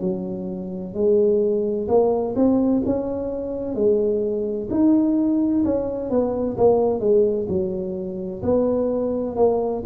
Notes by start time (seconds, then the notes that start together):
0.00 F#3
0.94 G#3
1.87 A#3
2.35 C4
2.86 C#4
3.75 G#3
4.70 D#4
5.64 C#4
6.09 B3
6.57 A#3
7.00 G#3
7.48 F#3
8.42 B3
9.36 A#3